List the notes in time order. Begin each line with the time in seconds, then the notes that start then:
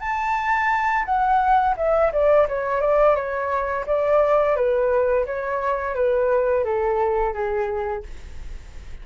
0.00 A5
1.05 F#5
1.77 E5
2.12 D5
2.48 C#5
2.81 D5
3.16 C#5
3.86 D5
4.56 B4
5.26 C#5
5.95 B4
6.64 A4
7.34 G#4